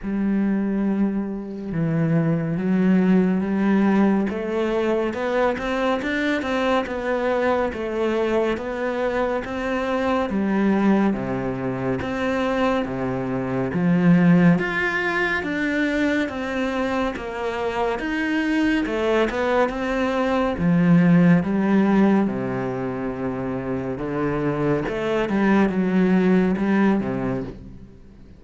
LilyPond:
\new Staff \with { instrumentName = "cello" } { \time 4/4 \tempo 4 = 70 g2 e4 fis4 | g4 a4 b8 c'8 d'8 c'8 | b4 a4 b4 c'4 | g4 c4 c'4 c4 |
f4 f'4 d'4 c'4 | ais4 dis'4 a8 b8 c'4 | f4 g4 c2 | d4 a8 g8 fis4 g8 c8 | }